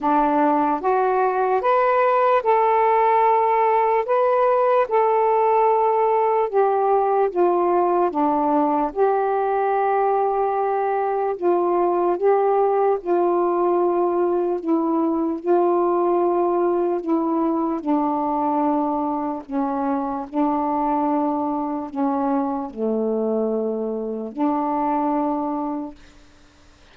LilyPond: \new Staff \with { instrumentName = "saxophone" } { \time 4/4 \tempo 4 = 74 d'4 fis'4 b'4 a'4~ | a'4 b'4 a'2 | g'4 f'4 d'4 g'4~ | g'2 f'4 g'4 |
f'2 e'4 f'4~ | f'4 e'4 d'2 | cis'4 d'2 cis'4 | a2 d'2 | }